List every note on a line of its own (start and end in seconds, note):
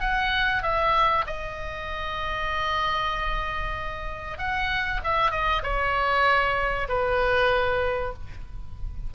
0.00 0.62 F#5
0.62 1.25 E5
1.26 4.38 D#5
4.38 5.01 F#5
5.04 5.31 E5
5.31 5.62 D#5
5.62 6.88 C#5
6.88 8.13 B4